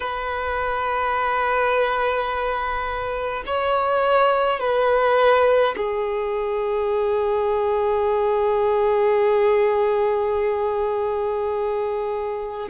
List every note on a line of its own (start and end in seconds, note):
0.00 3.43 B4
3.46 4.59 C#5
4.59 5.75 B4
5.76 12.68 G#4